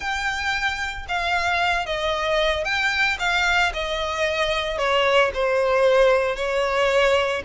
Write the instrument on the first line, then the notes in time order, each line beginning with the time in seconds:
violin
0.00 G5
1.08 F5
1.86 D#5
2.64 G5
3.19 F5
3.73 D#5
4.78 C#5
5.33 C5
6.36 C#5